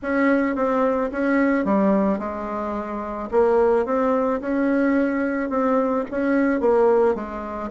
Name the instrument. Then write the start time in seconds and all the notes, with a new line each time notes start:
bassoon
0.02 C#4
0.55 C4
1.12 C#4
1.64 G3
2.19 G#3
3.31 A#3
3.85 C4
4.41 C#4
5.49 C4
6.10 C#4
6.60 A#3
7.14 G#3